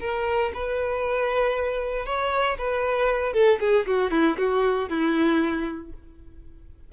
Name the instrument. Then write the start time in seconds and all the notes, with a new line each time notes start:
violin
0.00 A#4
0.54 B4
2.05 C#5
2.58 B4
3.33 A4
3.60 G#4
3.86 F#4
4.11 E4
4.37 F#4
4.89 E4